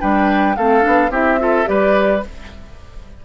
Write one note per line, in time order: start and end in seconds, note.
0.00 0.57 G3
0.00 0.56 D4
0.00 0.56 B4
0.00 0.56 G5
0.56 0.85 A3
0.56 0.81 C4
0.56 1.11 A4
0.56 1.12 F5
0.81 1.10 B3
0.81 1.09 D4
1.10 1.66 C4
1.10 1.39 E4
1.10 1.39 G4
1.10 1.67 E5
1.39 1.65 F4
1.39 1.69 A4
1.65 2.24 G3
1.65 2.20 G4
1.65 2.25 B4
1.65 2.23 D5